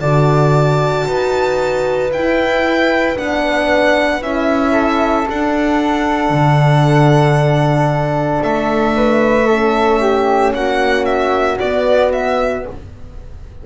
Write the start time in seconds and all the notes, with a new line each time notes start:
0.00 D3 F#4 D5 A5
1.05 D#4 B4
2.11 E4 G5
3.16 B3 D4 F#5
4.21 C#4 E4 E5
4.72 A4
5.27 D4 F#5
6.30 D3
8.43 A3 E5
8.96 B4
9.46 C#4 A4
10.00 G4
10.54 A#3 F#4 F#5
11.05 E5
11.59 B3 D5
12.12 E5